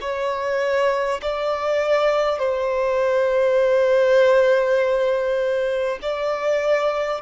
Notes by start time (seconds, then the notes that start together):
0.00 C#5
1.22 D5
2.38 C5
6.02 D5